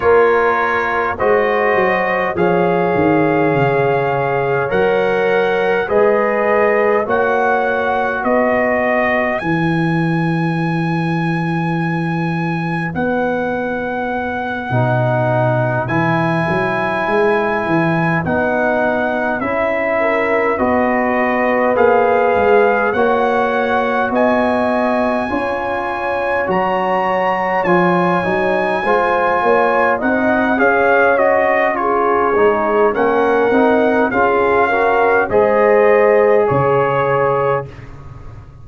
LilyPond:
<<
  \new Staff \with { instrumentName = "trumpet" } { \time 4/4 \tempo 4 = 51 cis''4 dis''4 f''2 | fis''4 dis''4 fis''4 dis''4 | gis''2. fis''4~ | fis''4. gis''2 fis''8~ |
fis''8 e''4 dis''4 f''4 fis''8~ | fis''8 gis''2 ais''4 gis''8~ | gis''4. fis''8 f''8 dis''8 cis''4 | fis''4 f''4 dis''4 cis''4 | }
  \new Staff \with { instrumentName = "horn" } { \time 4/4 ais'4 c''4 cis''2~ | cis''4 b'4 cis''4 b'4~ | b'1~ | b'1~ |
b'4 ais'8 b'2 cis''8~ | cis''8 dis''4 cis''2~ cis''8~ | cis''8 c''8 cis''8 dis''8 cis''4 gis'4 | ais'4 gis'8 ais'8 c''4 cis''4 | }
  \new Staff \with { instrumentName = "trombone" } { \time 4/4 f'4 fis'4 gis'2 | ais'4 gis'4 fis'2 | e'1~ | e'8 dis'4 e'2 dis'8~ |
dis'8 e'4 fis'4 gis'4 fis'8~ | fis'4. f'4 fis'4 f'8 | dis'8 f'4 dis'8 gis'8 fis'8 f'8 dis'8 | cis'8 dis'8 f'8 fis'8 gis'2 | }
  \new Staff \with { instrumentName = "tuba" } { \time 4/4 ais4 gis8 fis8 f8 dis8 cis4 | fis4 gis4 ais4 b4 | e2. b4~ | b8 b,4 e8 fis8 gis8 e8 b8~ |
b8 cis'4 b4 ais8 gis8 ais8~ | ais8 b4 cis'4 fis4 f8 | fis8 gis8 ais8 c'8 cis'4. gis8 | ais8 c'8 cis'4 gis4 cis4 | }
>>